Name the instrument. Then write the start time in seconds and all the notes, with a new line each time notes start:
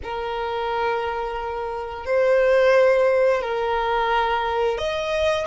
violin
0.03 A#4
2.05 C5
3.41 A#4
4.78 D#5